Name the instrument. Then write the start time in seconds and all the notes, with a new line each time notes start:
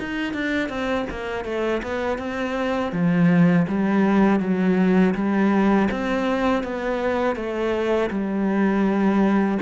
cello
0.00 D#4
0.34 D4
0.69 C4
1.11 A#3
1.45 A3
1.83 B3
2.19 C4
2.93 F3
3.68 G3
4.40 F#3
5.15 G3
5.92 C4
6.64 B3
7.36 A3
8.10 G3